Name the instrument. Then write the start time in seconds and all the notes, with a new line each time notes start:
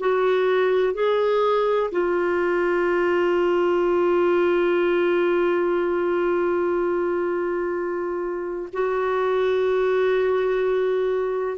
clarinet
0.00 F#4
0.94 G#4
1.91 F4
8.73 F#4